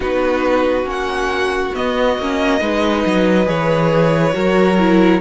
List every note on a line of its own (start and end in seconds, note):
0.00 0.83 B3
0.00 0.84 D#4
0.00 2.59 F#4
0.00 0.89 B4
0.83 1.70 A#3
0.83 1.71 C#4
0.83 1.75 F#5
1.74 2.18 B3
1.74 3.48 D#5
2.18 2.60 A#3
2.18 2.60 C#4
2.60 3.04 G#3
2.60 3.45 D#4
2.60 4.34 B4
3.05 3.47 F#3
3.45 4.34 E3
3.45 4.32 G#4
3.45 5.20 C#5
4.33 5.20 F#3
4.33 4.76 F#4
4.33 5.20 A#4
4.78 5.20 E4